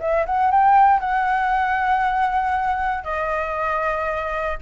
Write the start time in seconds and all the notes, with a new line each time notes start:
0.00 E5
0.26 F#5
0.51 G5
1.00 F#5
3.04 D#5